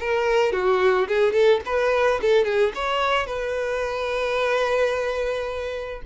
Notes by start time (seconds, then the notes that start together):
0.00 A#4
0.52 F#4
1.08 G#4
1.33 A4
1.65 B4
2.21 A4
2.45 G#4
2.74 C#5
3.26 B4